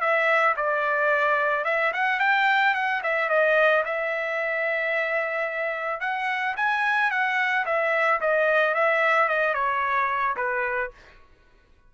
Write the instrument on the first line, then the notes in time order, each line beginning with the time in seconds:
trumpet
0.00 E5
0.56 D5
1.64 E5
1.93 F#5
2.19 G5
2.74 F#5
3.03 E5
3.29 D#5
3.84 E5
6.00 F#5
6.56 G#5
7.10 F#5
7.65 E5
8.20 D#5
8.74 E5
9.28 D#5
9.54 C#5
10.36 B4